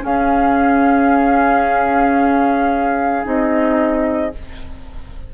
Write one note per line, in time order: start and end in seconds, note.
0.00 3.21 C#4
0.00 3.24 C#4
0.00 4.33 G#4
0.00 3.26 F5
3.23 4.32 C4
3.23 4.30 D#4
3.23 4.33 D#5